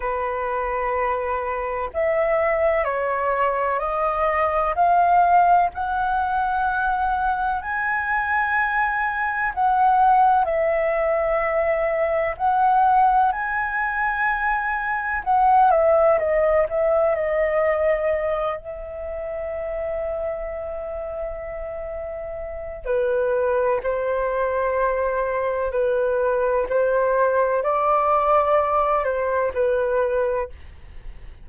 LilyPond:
\new Staff \with { instrumentName = "flute" } { \time 4/4 \tempo 4 = 63 b'2 e''4 cis''4 | dis''4 f''4 fis''2 | gis''2 fis''4 e''4~ | e''4 fis''4 gis''2 |
fis''8 e''8 dis''8 e''8 dis''4. e''8~ | e''1 | b'4 c''2 b'4 | c''4 d''4. c''8 b'4 | }